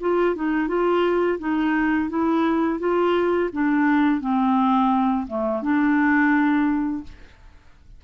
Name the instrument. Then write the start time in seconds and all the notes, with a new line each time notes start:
clarinet
0.00 F4
0.35 D#4
0.68 F4
1.39 D#4
2.09 E4
2.79 F4
3.53 D4
4.20 C4
5.27 A3
5.62 D4